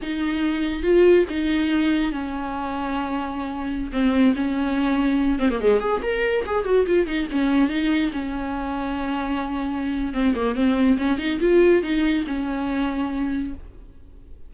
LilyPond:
\new Staff \with { instrumentName = "viola" } { \time 4/4 \tempo 4 = 142 dis'2 f'4 dis'4~ | dis'4 cis'2.~ | cis'4~ cis'16 c'4 cis'4.~ cis'16~ | cis'8. c'16 ais16 gis8 gis'8 ais'4 gis'8 fis'16~ |
fis'16 f'8 dis'8 cis'4 dis'4 cis'8.~ | cis'1 | c'8 ais8 c'4 cis'8 dis'8 f'4 | dis'4 cis'2. | }